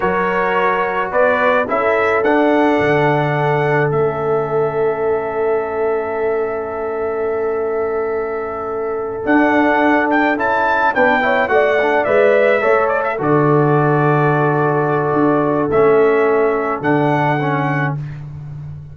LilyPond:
<<
  \new Staff \with { instrumentName = "trumpet" } { \time 4/4 \tempo 4 = 107 cis''2 d''4 e''4 | fis''2. e''4~ | e''1~ | e''1~ |
e''8 fis''4. g''8 a''4 g''8~ | g''8 fis''4 e''4. d''16 e''16 d''8~ | d''1 | e''2 fis''2 | }
  \new Staff \with { instrumentName = "horn" } { \time 4/4 ais'2 b'4 a'4~ | a'1~ | a'1~ | a'1~ |
a'2.~ a'8 b'8 | cis''8 d''2 cis''4 a'8~ | a'1~ | a'1 | }
  \new Staff \with { instrumentName = "trombone" } { \time 4/4 fis'2. e'4 | d'2. cis'4~ | cis'1~ | cis'1~ |
cis'8 d'2 e'4 d'8 | e'8 fis'8 d'8 b'4 a'4 fis'8~ | fis'1 | cis'2 d'4 cis'4 | }
  \new Staff \with { instrumentName = "tuba" } { \time 4/4 fis2 b4 cis'4 | d'4 d2 a4~ | a1~ | a1~ |
a8 d'2 cis'4 b8~ | b8 a4 gis4 a4 d8~ | d2. d'4 | a2 d2 | }
>>